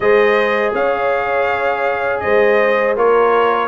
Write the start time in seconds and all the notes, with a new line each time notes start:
0.00 G#3 G#4 C5 D#5
0.73 C#4 C#5 F5
2.20 G#3 C5 D#5
2.96 A#3 F4 A#4 C#5